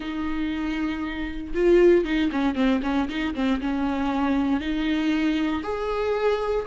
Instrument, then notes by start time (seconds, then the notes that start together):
viola
0.00 D#4
1.54 F4
2.04 D#4
2.31 C#4
2.55 C4
2.82 C#4
3.08 D#4
3.34 C4
3.60 C#4
4.60 D#4
5.63 G#4